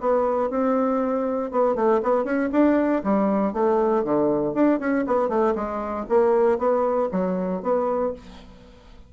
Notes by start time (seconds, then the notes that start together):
0.00 B3
0.50 C4
1.51 B3
1.75 A3
2.02 B3
2.24 C#4
2.52 D4
3.03 G3
3.53 A3
4.04 D3
4.54 D4
4.79 C#4
5.07 B3
5.29 A3
5.55 G#3
6.09 A#3
6.58 B3
7.11 F#3
7.62 B3